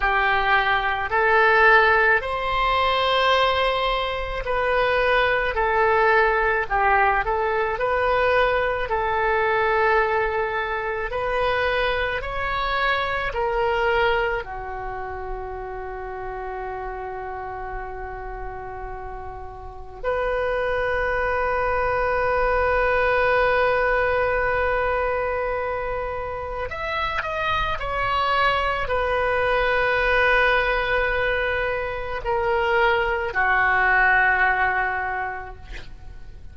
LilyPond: \new Staff \with { instrumentName = "oboe" } { \time 4/4 \tempo 4 = 54 g'4 a'4 c''2 | b'4 a'4 g'8 a'8 b'4 | a'2 b'4 cis''4 | ais'4 fis'2.~ |
fis'2 b'2~ | b'1 | e''8 dis''8 cis''4 b'2~ | b'4 ais'4 fis'2 | }